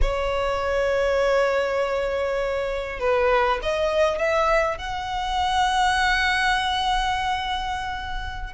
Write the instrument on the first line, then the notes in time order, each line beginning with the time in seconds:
violin
0.01 C#5
2.99 B4
3.62 D#5
4.18 E5
4.78 F#5